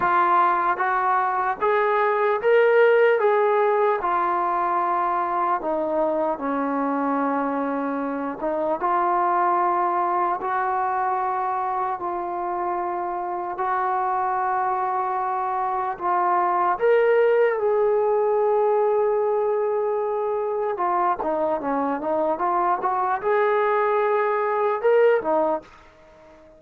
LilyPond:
\new Staff \with { instrumentName = "trombone" } { \time 4/4 \tempo 4 = 75 f'4 fis'4 gis'4 ais'4 | gis'4 f'2 dis'4 | cis'2~ cis'8 dis'8 f'4~ | f'4 fis'2 f'4~ |
f'4 fis'2. | f'4 ais'4 gis'2~ | gis'2 f'8 dis'8 cis'8 dis'8 | f'8 fis'8 gis'2 ais'8 dis'8 | }